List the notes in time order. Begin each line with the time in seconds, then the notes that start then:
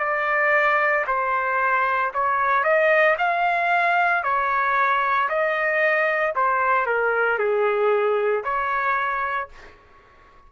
0.00 D5
1.08 C5
2.14 C#5
2.64 D#5
3.19 F5
4.24 C#5
5.29 D#5
6.36 C5
6.87 A#4
7.39 G#4
8.44 C#5